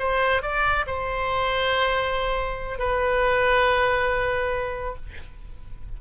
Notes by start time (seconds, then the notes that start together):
0.00 C5
0.43 D5
0.87 C5
2.79 B4